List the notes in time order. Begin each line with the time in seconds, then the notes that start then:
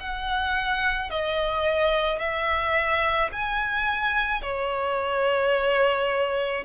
0.00 F#5
1.11 D#5
2.19 E5
3.32 G#5
4.42 C#5